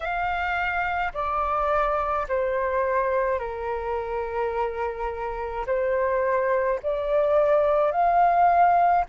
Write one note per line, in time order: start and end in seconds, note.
0.00 1.12 F5
1.13 2.26 D5
2.28 3.39 C5
3.39 5.65 A#4
5.66 6.79 C5
6.82 7.91 D5
7.91 9.04 F5